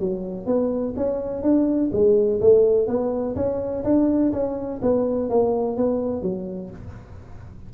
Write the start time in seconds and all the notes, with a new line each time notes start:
0.00 F#3
0.46 B3
0.97 C#4
1.43 D4
1.93 G#3
2.41 A3
2.88 B3
3.36 C#4
3.84 D4
4.33 C#4
4.83 B3
5.30 A#3
5.77 B3
6.22 F#3